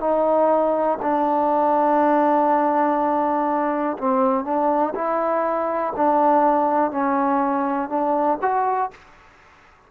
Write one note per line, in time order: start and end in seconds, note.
0.00 0.98 D#4
1.02 3.97 D4
3.98 4.44 C4
4.44 4.94 D4
4.95 5.93 E4
5.96 6.91 D4
6.91 7.90 C#4
7.90 8.39 D4
8.41 8.91 F#4